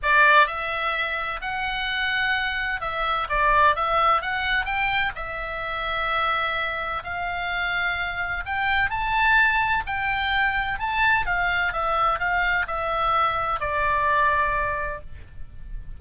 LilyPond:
\new Staff \with { instrumentName = "oboe" } { \time 4/4 \tempo 4 = 128 d''4 e''2 fis''4~ | fis''2 e''4 d''4 | e''4 fis''4 g''4 e''4~ | e''2. f''4~ |
f''2 g''4 a''4~ | a''4 g''2 a''4 | f''4 e''4 f''4 e''4~ | e''4 d''2. | }